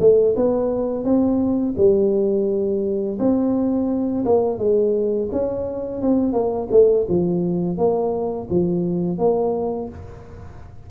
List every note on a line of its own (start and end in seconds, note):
0.00 0.35 A3
0.36 1.04 B3
1.04 1.75 C4
1.77 3.19 G3
3.19 4.25 C4
4.25 4.59 A#3
4.59 5.29 G#3
5.32 6.01 C#4
6.01 6.33 C4
6.33 6.68 A#3
6.71 7.07 A3
7.08 7.77 F3
7.77 8.48 A#3
8.50 9.18 F3
9.18 9.89 A#3